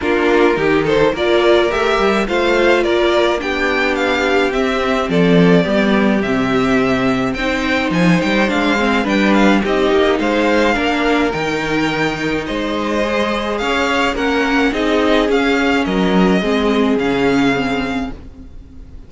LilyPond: <<
  \new Staff \with { instrumentName = "violin" } { \time 4/4 \tempo 4 = 106 ais'4. c''8 d''4 e''4 | f''4 d''4 g''4 f''4 | e''4 d''2 e''4~ | e''4 g''4 gis''8 g''8 f''4 |
g''8 f''8 dis''4 f''2 | g''2 dis''2 | f''4 fis''4 dis''4 f''4 | dis''2 f''2 | }
  \new Staff \with { instrumentName = "violin" } { \time 4/4 f'4 g'8 a'8 ais'2 | c''4 ais'4 g'2~ | g'4 a'4 g'2~ | g'4 c''2. |
b'4 g'4 c''4 ais'4~ | ais'2 c''2 | cis''4 ais'4 gis'2 | ais'4 gis'2. | }
  \new Staff \with { instrumentName = "viola" } { \time 4/4 d'4 dis'4 f'4 g'4 | f'2 d'2 | c'2 b4 c'4~ | c'4 dis'2 d'8 c'8 |
d'4 dis'2 d'4 | dis'2. gis'4~ | gis'4 cis'4 dis'4 cis'4~ | cis'4 c'4 cis'4 c'4 | }
  \new Staff \with { instrumentName = "cello" } { \time 4/4 ais4 dis4 ais4 a8 g8 | a4 ais4 b2 | c'4 f4 g4 c4~ | c4 c'4 f8 g8 gis4 |
g4 c'8 ais8 gis4 ais4 | dis2 gis2 | cis'4 ais4 c'4 cis'4 | fis4 gis4 cis2 | }
>>